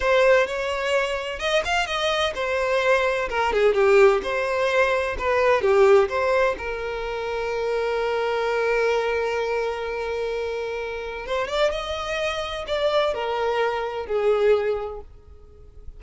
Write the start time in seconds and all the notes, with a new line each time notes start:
0.00 C5
0.47 C#5
1.39 D#5
1.64 F5
1.86 D#5
2.34 C5
3.29 A#4
3.52 G#4
3.74 G4
4.22 C5
5.18 B4
5.61 G4
6.08 C5
6.58 A#4
11.26 C5
11.47 D5
11.71 D#5
12.67 D5
13.14 A#4
14.06 G#4